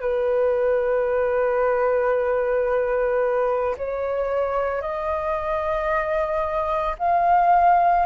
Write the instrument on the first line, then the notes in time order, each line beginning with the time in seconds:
flute
0.00 B4
3.77 C#5
4.81 D#5
6.98 F5